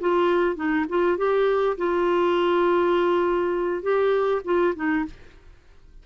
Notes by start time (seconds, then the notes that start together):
0.00 F4
0.56 D#4
0.89 F4
1.17 G4
1.77 F4
3.82 G4
4.44 F4
4.75 D#4